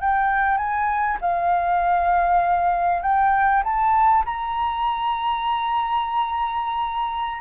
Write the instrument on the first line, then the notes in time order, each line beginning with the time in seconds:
flute
0.00 G5
0.57 G#5
1.21 F5
3.02 G5
3.64 A5
4.25 A#5